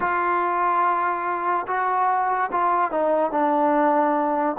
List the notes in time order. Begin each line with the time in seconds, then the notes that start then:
0.00 F4
1.67 F#4
2.52 F4
2.91 D#4
3.31 D4